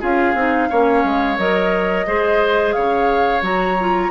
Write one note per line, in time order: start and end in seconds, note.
0.00 0.34 C#4
0.00 0.34 F4
0.00 0.68 G#4
0.00 1.39 F5
0.34 0.68 C4
0.34 0.70 D#4
0.70 1.04 A#3
0.70 1.38 C#4
0.70 2.06 C#5
1.04 1.38 G#3
1.38 2.06 F#3
1.38 2.07 A#4
1.38 2.73 D#5
2.07 2.75 G#3
2.07 3.42 G#4
2.07 2.75 C5
2.73 3.41 C#3
2.73 4.11 C#5
2.73 3.41 F5
3.41 4.10 F#3
3.41 3.77 F#4
3.41 4.11 A#5
3.80 4.11 F4